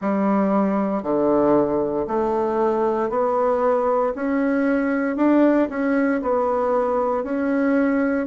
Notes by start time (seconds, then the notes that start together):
0.00 G3
1.03 D3
2.07 A3
3.09 B3
4.15 C#4
5.16 D4
5.69 C#4
6.22 B3
7.23 C#4